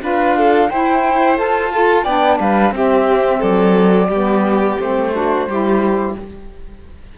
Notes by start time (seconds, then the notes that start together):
0.00 D4 F4 B4 F5
0.38 A4
0.69 E4 C5 G5
1.36 F4 A4 A5
1.71 F4 A4
2.04 B3 D4 D5 G5
2.40 G3 B4 F5
2.71 C4 G4 E5
3.39 F#3 A4 D5
4.09 G3 B3 G4
4.80 A3 C4 C5
5.13 D4 F#4
5.47 G3 E4 G4